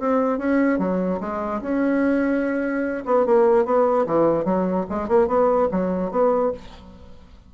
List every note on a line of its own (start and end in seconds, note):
0.00 0.38 C4
0.38 0.79 C#4
0.79 1.20 F#3
1.20 1.61 G#3
1.62 3.04 C#4
3.06 3.26 B3
3.26 3.65 A#3
3.65 4.06 B3
4.06 4.45 E3
4.45 4.86 F#3
4.90 5.09 G#3
5.09 5.28 A#3
5.28 5.68 B3
5.72 6.11 F#3
6.11 6.52 B3